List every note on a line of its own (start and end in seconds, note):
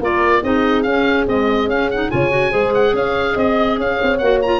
0.00 0.42 A#3
0.00 0.43 F4
0.00 0.42 A#4
0.00 0.44 D5
0.43 0.85 C4
0.43 0.85 D#4
0.43 2.13 G#4
0.43 0.83 D#5
0.83 1.27 C#4
0.83 1.29 C#4
0.83 1.25 F5
1.28 1.70 G#3
1.28 1.67 C4
1.28 1.70 D#5
1.67 2.09 C#4
1.67 1.91 C#4
1.67 1.91 F5
1.91 2.10 D#4
1.91 2.11 F#5
2.10 2.53 C#3
2.10 2.30 F4
2.10 2.51 C#5
2.10 2.74 G#5
2.30 2.51 F#4
2.51 2.94 G#3
2.51 4.19 G#4
2.51 2.93 C5
2.75 2.96 F#5
2.94 3.36 C#4
2.94 3.34 C#5
2.94 3.38 F5
3.34 3.78 C4
3.34 3.76 D#5
3.34 3.80 D#5
3.78 3.99 C#4
3.78 4.60 C#5
3.78 4.18 F5
4.02 4.21 C4
4.18 4.60 A#3
4.18 4.43 F#4
4.18 4.39 F#5
4.42 4.60 F4
4.42 4.60 A#5